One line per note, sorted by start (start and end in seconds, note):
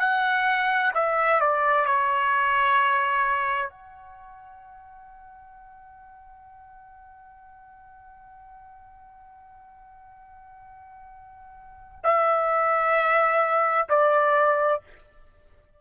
0.00 0.92 F#5
0.95 1.41 E5
1.41 1.86 D5
1.86 3.70 C#5
3.70 12.01 F#5
12.04 13.88 E5
13.89 14.82 D5